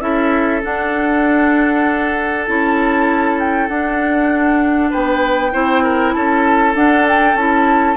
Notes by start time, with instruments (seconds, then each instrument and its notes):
0.00 bassoon C#4, clarinet E4, oboe A4, flute E5
0.63 clarinet D4, bassoon D4, flute F#5
2.45 bassoon C#4, clarinet E4, flute A5
3.39 flute G5
3.68 bassoon D4, clarinet D4, flute F#5
4.90 bassoon B3, oboe B4, flute G5
5.52 bassoon C4, clarinet E4, oboe C5
5.83 oboe A#4
6.12 bassoon C#4, oboe A4, flute A5
6.74 clarinet D4, bassoon D4, flute F#5
7.07 flute G5
7.34 bassoon C#4, clarinet E4, flute A5